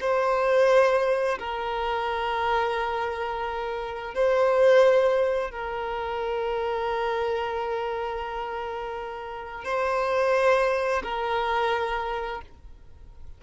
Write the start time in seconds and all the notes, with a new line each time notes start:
0.00 C5
1.39 A#4
4.14 C5
5.50 A#4
9.64 C5
11.03 A#4